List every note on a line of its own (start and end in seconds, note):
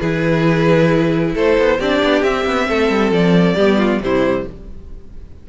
0.00 1.35 E3
0.00 1.79 E4
0.00 1.34 G#4
0.00 1.33 B4
1.34 1.58 A3
1.34 1.79 A4
1.34 1.81 C5
1.58 1.80 B3
1.79 2.02 C4
1.79 2.26 D4
1.79 2.68 G4
1.79 2.23 D5
2.03 2.23 B3
2.23 2.45 C4
2.23 3.59 C4
2.23 3.12 E5
2.46 2.68 B3
2.69 2.90 A3
2.69 3.55 A4
2.90 3.11 G3
3.11 3.56 F3
3.11 4.02 D5
3.55 4.00 G3
3.55 4.02 B3
3.55 3.77 G4
3.78 4.00 F4
4.00 4.44 C3
4.00 4.46 G3
4.00 4.49 E4
4.00 4.47 C5